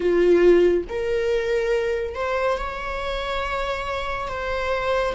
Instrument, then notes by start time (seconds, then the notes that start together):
viola
0.00 F4
0.88 A#4
2.14 C5
2.57 C#5
4.27 C5